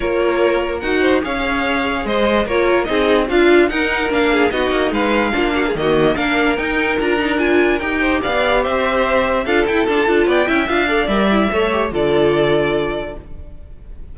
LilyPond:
<<
  \new Staff \with { instrumentName = "violin" } { \time 4/4 \tempo 4 = 146 cis''2 fis''4 f''4~ | f''4 dis''4 cis''4 dis''4 | f''4 fis''4 f''4 dis''4 | f''2 dis''4 f''4 |
g''4 ais''4 gis''4 g''4 | f''4 e''2 f''8 g''8 | a''4 g''4 f''4 e''4~ | e''4 d''2. | }
  \new Staff \with { instrumentName = "violin" } { \time 4/4 ais'2~ ais'8 c''8 cis''4~ | cis''4 c''4 ais'4 gis'4 | f'4 ais'4. gis'8 fis'4 | b'4 f'8 fis'16 gis'16 fis'4 ais'4~ |
ais'2.~ ais'8 c''8 | d''4 c''2 a'4~ | a'4 d''8 e''4 d''4. | cis''4 a'2. | }
  \new Staff \with { instrumentName = "viola" } { \time 4/4 f'2 fis'4 gis'4~ | gis'2 f'4 dis'4 | f'4 dis'4 d'4 dis'4~ | dis'4 d'4 ais4 d'4 |
dis'4 f'8 dis'8 f'4 g'4~ | g'2. f'8 e'8 | d'8 f'4 e'8 f'8 a'8 ais'8 e'8 | a'8 g'8 f'2. | }
  \new Staff \with { instrumentName = "cello" } { \time 4/4 ais2 dis'4 cis'4~ | cis'4 gis4 ais4 c'4 | d'4 dis'4 ais4 b8 ais8 | gis4 ais4 dis4 ais4 |
dis'4 d'2 dis'4 | b4 c'2 d'8 e'8 | f'8 d'8 b8 cis'8 d'4 g4 | a4 d2. | }
>>